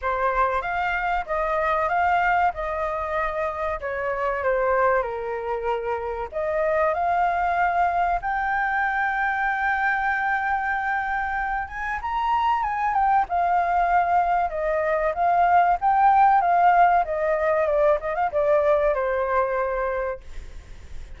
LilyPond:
\new Staff \with { instrumentName = "flute" } { \time 4/4 \tempo 4 = 95 c''4 f''4 dis''4 f''4 | dis''2 cis''4 c''4 | ais'2 dis''4 f''4~ | f''4 g''2.~ |
g''2~ g''8 gis''8 ais''4 | gis''8 g''8 f''2 dis''4 | f''4 g''4 f''4 dis''4 | d''8 dis''16 f''16 d''4 c''2 | }